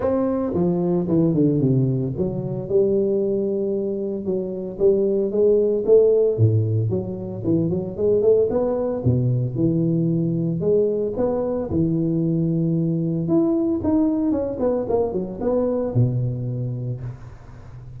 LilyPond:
\new Staff \with { instrumentName = "tuba" } { \time 4/4 \tempo 4 = 113 c'4 f4 e8 d8 c4 | fis4 g2. | fis4 g4 gis4 a4 | a,4 fis4 e8 fis8 gis8 a8 |
b4 b,4 e2 | gis4 b4 e2~ | e4 e'4 dis'4 cis'8 b8 | ais8 fis8 b4 b,2 | }